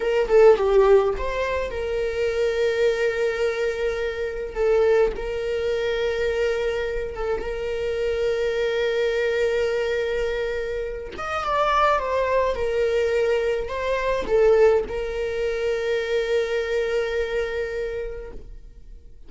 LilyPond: \new Staff \with { instrumentName = "viola" } { \time 4/4 \tempo 4 = 105 ais'8 a'8 g'4 c''4 ais'4~ | ais'1 | a'4 ais'2.~ | ais'8 a'8 ais'2.~ |
ais'2.~ ais'8 dis''8 | d''4 c''4 ais'2 | c''4 a'4 ais'2~ | ais'1 | }